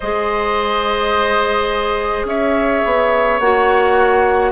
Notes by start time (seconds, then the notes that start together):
0.00 G#3 G#4 C5 D#5
2.25 C#4 C#5 E5
2.85 B3
3.39 A#3 F#4 F#5